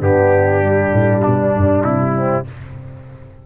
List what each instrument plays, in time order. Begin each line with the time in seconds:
0.00 tuba G2, trombone B3, horn D4, trumpet G4
0.61 trombone G3
0.93 tuba A2
1.22 tuba B2, trumpet D4
1.56 tuba G2
1.84 tuba C3, trumpet E4
2.15 horn C4